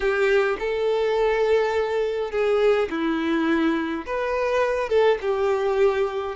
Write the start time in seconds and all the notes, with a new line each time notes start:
0.00 G4
0.59 A4
2.31 G#4
2.90 E4
4.06 B4
4.89 A4
5.21 G4